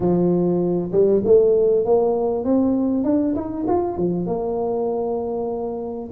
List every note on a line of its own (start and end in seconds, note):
0.00 0.91 F3
0.92 1.22 G3
1.24 1.85 A3
1.85 2.44 A#3
2.44 3.04 C4
3.04 3.34 D4
3.35 3.65 D#4
3.67 3.97 F4
3.97 4.26 F3
4.26 6.09 A#3